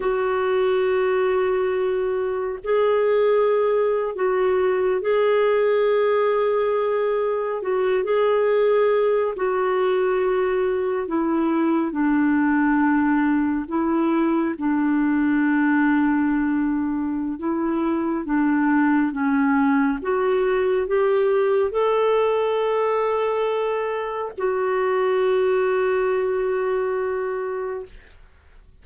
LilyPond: \new Staff \with { instrumentName = "clarinet" } { \time 4/4 \tempo 4 = 69 fis'2. gis'4~ | gis'8. fis'4 gis'2~ gis'16~ | gis'8. fis'8 gis'4. fis'4~ fis'16~ | fis'8. e'4 d'2 e'16~ |
e'8. d'2.~ d'16 | e'4 d'4 cis'4 fis'4 | g'4 a'2. | fis'1 | }